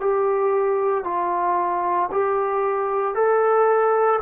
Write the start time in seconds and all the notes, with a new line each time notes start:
0.00 G4
1.04 F4
2.11 G4
3.14 A4